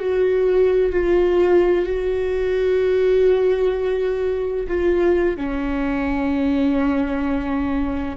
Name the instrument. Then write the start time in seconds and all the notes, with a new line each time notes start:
viola
0.00 F#4
0.92 F4
1.86 F#4
4.68 F4
5.37 C#4